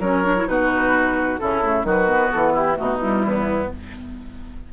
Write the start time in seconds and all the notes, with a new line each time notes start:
0.00 F#3 C#4 A#4 C#5
0.24 D4
0.37 E4
0.47 B2 D#4 F#4 B4
1.39 C#3 C#4 E4 A4
1.64 A3
1.84 D#3 F#3 F#4
1.91 B4
2.08 B3
2.32 E3 A4
2.53 E4 G4
2.75 B2 A3 D#4 F#4
3.01 G3 E4
3.25 E2 B3